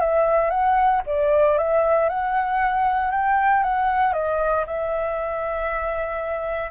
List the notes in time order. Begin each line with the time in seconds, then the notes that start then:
0.00 E5
0.51 F#5
1.07 D5
1.58 E5
2.09 F#5
3.12 G5
3.63 F#5
4.14 D#5
4.67 E5